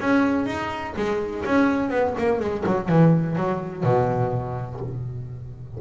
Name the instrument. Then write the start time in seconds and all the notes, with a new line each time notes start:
double bass
0.00 C#4
0.46 D#4
0.96 G#3
1.45 C#4
1.90 B3
2.17 A#3
2.40 G#3
2.66 F#3
2.88 E3
3.36 F#3
3.83 B2